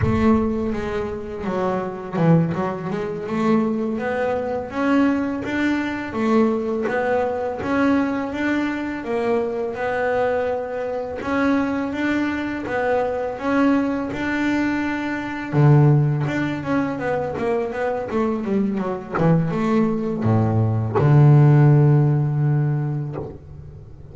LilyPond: \new Staff \with { instrumentName = "double bass" } { \time 4/4 \tempo 4 = 83 a4 gis4 fis4 e8 fis8 | gis8 a4 b4 cis'4 d'8~ | d'8 a4 b4 cis'4 d'8~ | d'8 ais4 b2 cis'8~ |
cis'8 d'4 b4 cis'4 d'8~ | d'4. d4 d'8 cis'8 b8 | ais8 b8 a8 g8 fis8 e8 a4 | a,4 d2. | }